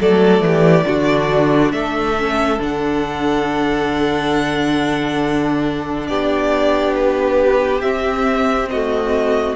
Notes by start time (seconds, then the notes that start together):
0.00 F#3 A3 A4 D5
0.41 E3 G4
0.84 D3 D4 F#4
1.72 A3 A4 E5
2.19 C#4
2.59 D3 D4 F#5
6.07 B3 G4 D5
6.96 B4
7.81 C4 E5
8.70 A3 F#4 D#5